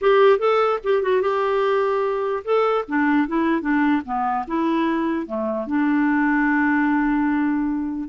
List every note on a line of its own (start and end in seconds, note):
0.01 0.38 G4
0.38 0.79 A4
0.83 1.02 G4
1.02 1.21 F#4
1.21 2.43 G4
2.44 2.84 A4
2.88 3.27 D4
3.27 3.61 E4
3.61 4.02 D4
4.05 4.45 B3
4.47 5.26 E4
5.26 5.66 A3
5.66 8.09 D4